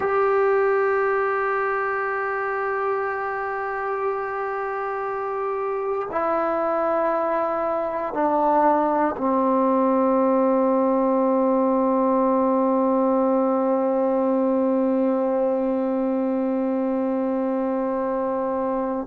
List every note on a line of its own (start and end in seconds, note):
0.00 6.08 G4
6.11 8.13 E4
8.13 9.15 D4
9.17 19.07 C4